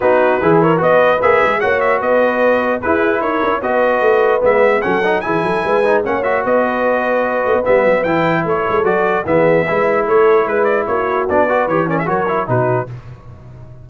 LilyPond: <<
  \new Staff \with { instrumentName = "trumpet" } { \time 4/4 \tempo 4 = 149 b'4. cis''8 dis''4 e''4 | fis''8 e''8 dis''2 b'4 | cis''4 dis''2 e''4 | fis''4 gis''2 fis''8 e''8 |
dis''2. e''4 | g''4 cis''4 d''4 e''4~ | e''4 cis''4 b'8 d''8 cis''4 | d''4 cis''8 d''16 e''16 cis''4 b'4 | }
  \new Staff \with { instrumentName = "horn" } { \time 4/4 fis'4 gis'8 ais'8 b'2 | cis''4 b'2 gis'4 | ais'4 b'2. | a'4 gis'8 a'8 b'4 cis''4 |
b'1~ | b'4 a'2 gis'4 | b'4 a'4 b'4 fis'4~ | fis'8 b'4 ais'16 gis'16 ais'4 fis'4 | }
  \new Staff \with { instrumentName = "trombone" } { \time 4/4 dis'4 e'4 fis'4 gis'4 | fis'2. e'4~ | e'4 fis'2 b4 | cis'8 dis'8 e'4. dis'8 cis'8 fis'8~ |
fis'2. b4 | e'2 fis'4 b4 | e'1 | d'8 fis'8 g'8 cis'8 fis'8 e'8 dis'4 | }
  \new Staff \with { instrumentName = "tuba" } { \time 4/4 b4 e4 b4 ais8 gis8 | ais4 b2 e'4 | dis'8 cis'8 b4 a4 gis4 | fis4 e8 fis8 gis4 ais4 |
b2~ b8 a16 b16 g8 fis8 | e4 a8 gis8 fis4 e4 | gis4 a4 gis4 ais4 | b4 e4 fis4 b,4 | }
>>